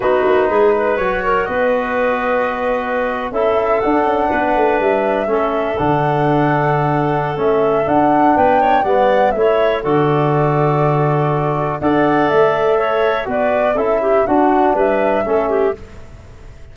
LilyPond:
<<
  \new Staff \with { instrumentName = "flute" } { \time 4/4 \tempo 4 = 122 b'2 cis''4 dis''4~ | dis''2~ dis''8. e''4 fis''16~ | fis''4.~ fis''16 e''2 fis''16~ | fis''2. e''4 |
fis''4 g''4 fis''4 e''4 | d''1 | fis''4 e''2 d''4 | e''4 fis''4 e''2 | }
  \new Staff \with { instrumentName = "clarinet" } { \time 4/4 fis'4 gis'8 b'4 ais'8 b'4~ | b'2~ b'8. a'4~ a'16~ | a'8. b'2 a'4~ a'16~ | a'1~ |
a'4 b'8 cis''8 d''4 cis''4 | a'1 | d''2 cis''4 b'4 | a'8 g'8 fis'4 b'4 a'8 g'8 | }
  \new Staff \with { instrumentName = "trombone" } { \time 4/4 dis'2 fis'2~ | fis'2~ fis'8. e'4 d'16~ | d'2~ d'8. cis'4 d'16~ | d'2. cis'4 |
d'2 b4 e'4 | fis'1 | a'2. fis'4 | e'4 d'2 cis'4 | }
  \new Staff \with { instrumentName = "tuba" } { \time 4/4 b8 ais8 gis4 fis4 b4~ | b2~ b8. cis'4 d'16~ | d'16 cis'8 b8 a8 g4 a4 d16~ | d2. a4 |
d'4 b4 g4 a4 | d1 | d'4 a2 b4 | cis'4 d'4 g4 a4 | }
>>